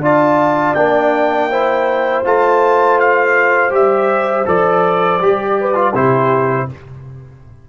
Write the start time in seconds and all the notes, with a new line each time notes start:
0.00 D4 F4 D5 A5
0.75 A#3 D4 G5
1.51 E4 C5
2.25 A3 F4 A5
3.00 F5
3.71 G3 G4 E5
4.46 F3 A4 D5
5.20 G3 G4
5.60 B4
5.75 F4
5.94 C3 E4 G4 C5